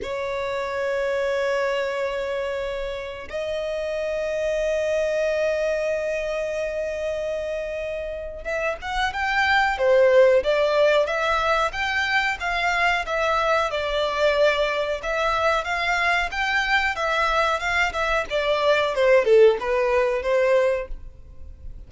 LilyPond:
\new Staff \with { instrumentName = "violin" } { \time 4/4 \tempo 4 = 92 cis''1~ | cis''4 dis''2.~ | dis''1~ | dis''4 e''8 fis''8 g''4 c''4 |
d''4 e''4 g''4 f''4 | e''4 d''2 e''4 | f''4 g''4 e''4 f''8 e''8 | d''4 c''8 a'8 b'4 c''4 | }